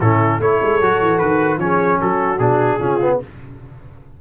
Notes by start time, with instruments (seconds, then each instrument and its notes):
0.00 tuba A2, trombone C#4, horn E4, trumpet A4
0.39 tuba A3, trombone E4, horn A4, trumpet C#5
0.62 tuba G#3
0.81 tuba F#3, trombone F#4
1.01 tuba E3
1.18 tuba D#3, trumpet B4
1.58 tuba F3, trombone C#4, horn G#4, trumpet C#5
1.98 tuba F#3, horn F#4, trumpet A4
2.39 tuba B2, trombone D4, trumpet G#4
2.79 tuba C#3, trombone C#4, horn F4
3.00 trombone B3